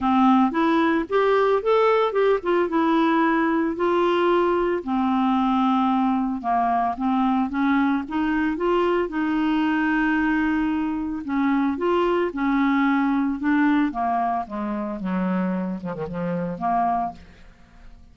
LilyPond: \new Staff \with { instrumentName = "clarinet" } { \time 4/4 \tempo 4 = 112 c'4 e'4 g'4 a'4 | g'8 f'8 e'2 f'4~ | f'4 c'2. | ais4 c'4 cis'4 dis'4 |
f'4 dis'2.~ | dis'4 cis'4 f'4 cis'4~ | cis'4 d'4 ais4 gis4 | fis4. f16 dis16 f4 ais4 | }